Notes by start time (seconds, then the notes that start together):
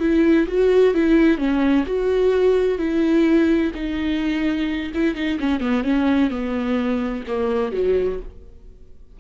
0.00 E4
0.48 F#4
0.94 E4
1.38 C#4
1.87 F#4
2.78 E4
3.75 D#4
4.94 E4
5.15 D#4
5.40 C#4
5.61 B3
5.84 C#4
6.30 B3
7.28 A#3
7.73 F#3